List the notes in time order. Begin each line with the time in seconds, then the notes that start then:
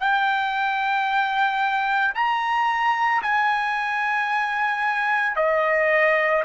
0.00 G5
2.15 A#5
3.22 G#5
5.36 D#5